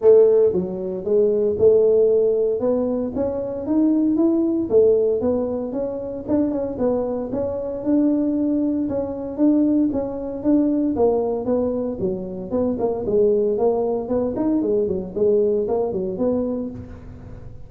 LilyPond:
\new Staff \with { instrumentName = "tuba" } { \time 4/4 \tempo 4 = 115 a4 fis4 gis4 a4~ | a4 b4 cis'4 dis'4 | e'4 a4 b4 cis'4 | d'8 cis'8 b4 cis'4 d'4~ |
d'4 cis'4 d'4 cis'4 | d'4 ais4 b4 fis4 | b8 ais8 gis4 ais4 b8 dis'8 | gis8 fis8 gis4 ais8 fis8 b4 | }